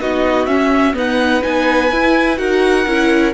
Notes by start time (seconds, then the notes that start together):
0.00 B3 D#4 F#4 D#5
0.46 C#4 E5
0.94 B3 D#4 B4 F#5
1.41 B3 D#4 G#5
1.92 E4
2.37 D#4 F#4 A#4 F#5
2.86 C#4 E4